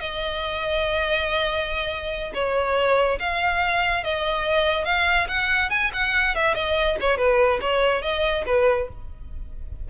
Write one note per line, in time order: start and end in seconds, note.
0.00 2.32 D#5
2.34 3.19 C#5
3.19 4.04 F5
4.04 4.85 D#5
4.85 5.27 F5
5.28 5.70 F#5
5.70 5.91 G#5
5.93 6.35 F#5
6.35 6.55 E5
6.55 6.97 D#5
7.01 7.18 C#5
7.18 7.60 B4
7.62 8.02 C#5
8.02 8.44 D#5
8.46 8.88 B4